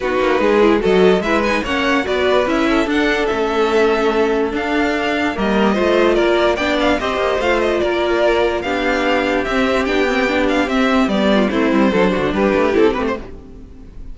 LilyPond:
<<
  \new Staff \with { instrumentName = "violin" } { \time 4/4 \tempo 4 = 146 b'2 dis''4 e''8 gis''8 | fis''4 d''4 e''4 fis''4 | e''2. f''4~ | f''4 dis''2 d''4 |
g''8 f''8 dis''4 f''8 dis''8 d''4~ | d''4 f''2 e''4 | g''4. f''8 e''4 d''4 | c''2 b'4 a'8 b'16 c''16 | }
  \new Staff \with { instrumentName = "violin" } { \time 4/4 fis'4 gis'4 a'4 b'4 | cis''4 b'4. a'4.~ | a'1~ | a'4 ais'4 c''4 ais'4 |
d''4 c''2 ais'4~ | ais'4 g'2.~ | g'2.~ g'8 f'8 | e'4 a'8 fis'8 g'2 | }
  \new Staff \with { instrumentName = "viola" } { \time 4/4 dis'4. e'8 fis'4 e'8 dis'8 | cis'4 fis'4 e'4 d'4 | cis'2. d'4~ | d'4 ais4 f'2 |
d'4 g'4 f'2~ | f'4 d'2 c'4 | d'8 c'8 d'4 c'4 b4 | c'4 d'2 e'8 c'8 | }
  \new Staff \with { instrumentName = "cello" } { \time 4/4 b8 ais8 gis4 fis4 gis4 | ais4 b4 cis'4 d'4 | a2. d'4~ | d'4 g4 a4 ais4 |
b4 c'8 ais8 a4 ais4~ | ais4 b2 c'4 | b2 c'4 g4 | a8 g8 fis8 d8 g8 a8 c'8 a8 | }
>>